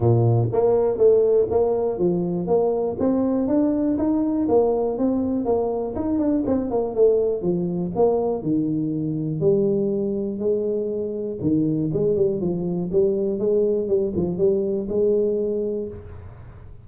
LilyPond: \new Staff \with { instrumentName = "tuba" } { \time 4/4 \tempo 4 = 121 ais,4 ais4 a4 ais4 | f4 ais4 c'4 d'4 | dis'4 ais4 c'4 ais4 | dis'8 d'8 c'8 ais8 a4 f4 |
ais4 dis2 g4~ | g4 gis2 dis4 | gis8 g8 f4 g4 gis4 | g8 f8 g4 gis2 | }